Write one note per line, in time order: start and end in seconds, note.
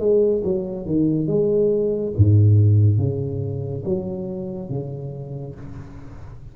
0.00 0.43 G#3
0.44 0.86 F#3
0.86 1.28 D#3
1.28 2.14 G#3
2.17 2.98 G#2
2.98 3.84 C#3
3.85 4.70 F#3
4.70 5.56 C#3